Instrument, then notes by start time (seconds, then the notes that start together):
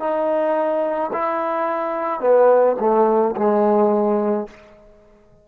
trombone
0.00 D#4
1.13 E4
2.21 B3
2.80 A3
3.37 G#3